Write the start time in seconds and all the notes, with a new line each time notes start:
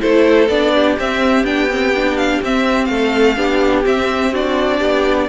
0.00 A3 E4 A4 C5
0.49 B3 D4 D5
0.74 G4
0.99 C4 E5
1.44 B3 D4 G5
1.70 C4
1.95 D4
2.17 F5
2.43 C4 E5
2.85 A3 F5
2.91 A4
3.37 B3 D4 G4
3.84 C4 E5
4.33 D4 F#4 D5
4.79 B3 G4